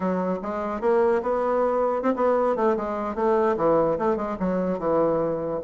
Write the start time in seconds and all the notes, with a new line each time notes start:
0.00 F#3
0.42 G#3
0.81 A#3
1.22 B3
2.02 C4
2.16 B3
2.55 A3
2.76 G#3
3.15 A3
3.56 E3
3.98 A3
4.16 G#3
4.39 F#3
4.79 E3